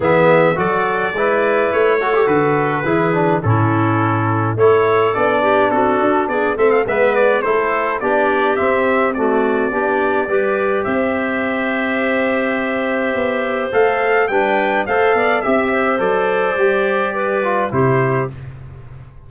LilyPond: <<
  \new Staff \with { instrumentName = "trumpet" } { \time 4/4 \tempo 4 = 105 e''4 d''2 cis''4 | b'2 a'2 | cis''4 d''4 a'4 d''8 e''16 f''16 | e''8 d''8 c''4 d''4 e''4 |
d''2. e''4~ | e''1 | f''4 g''4 f''4 e''4 | d''2. c''4 | }
  \new Staff \with { instrumentName = "clarinet" } { \time 4/4 gis'4 a'4 b'4. a'8~ | a'4 gis'4 e'2 | a'4. g'8 fis'4 gis'8 a'8 | b'4 a'4 g'2 |
fis'4 g'4 b'4 c''4~ | c''1~ | c''4 b'4 c''8 d''8 e''8 c''8~ | c''2 b'4 g'4 | }
  \new Staff \with { instrumentName = "trombone" } { \time 4/4 b4 fis'4 e'4. fis'16 g'16 | fis'4 e'8 d'8 cis'2 | e'4 d'2~ d'8 c'8 | b4 e'4 d'4 c'4 |
a4 d'4 g'2~ | g'1 | a'4 d'4 a'4 g'4 | a'4 g'4. f'8 e'4 | }
  \new Staff \with { instrumentName = "tuba" } { \time 4/4 e4 fis4 gis4 a4 | d4 e4 a,2 | a4 b4 c'8 d'8 b8 a8 | gis4 a4 b4 c'4~ |
c'4 b4 g4 c'4~ | c'2. b4 | a4 g4 a8 b8 c'4 | fis4 g2 c4 | }
>>